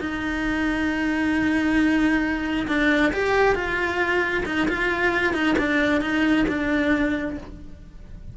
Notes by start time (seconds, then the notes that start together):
0.00 D#4
2.67 D4
3.13 G4
3.55 F4
4.46 D#4
4.68 F4
5.33 D#4
5.58 D4
6.01 D#4
6.48 D4